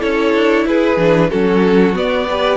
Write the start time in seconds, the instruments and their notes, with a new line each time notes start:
0.00 cello C#4, viola E4, violin A4 C#5
0.35 cello D4
0.65 cello E4, violin G#4 B4
0.97 cello E3, viola D4
1.30 cello F#3, viola C#4, violin F#4 A4
1.93 viola B3, cello B3, violin D5
2.30 viola G4, violin B4